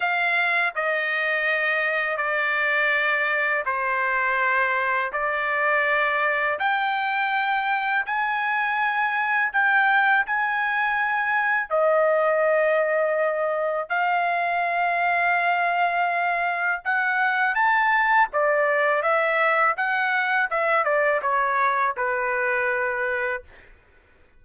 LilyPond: \new Staff \with { instrumentName = "trumpet" } { \time 4/4 \tempo 4 = 82 f''4 dis''2 d''4~ | d''4 c''2 d''4~ | d''4 g''2 gis''4~ | gis''4 g''4 gis''2 |
dis''2. f''4~ | f''2. fis''4 | a''4 d''4 e''4 fis''4 | e''8 d''8 cis''4 b'2 | }